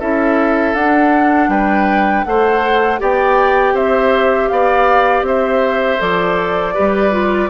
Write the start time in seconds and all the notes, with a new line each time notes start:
0.00 C#4 E4 A4 E5
0.74 D4 F#5
1.48 G3 B4 G5
2.24 A3 A4 C5 F#5
2.99 B3 G4 D5 G5
3.74 C4 C5 E5
4.48 B3 D5 F5
5.22 C4 C5 E5
5.99 F3 A4 D5
6.74 G3 G4 B4
7.11 F4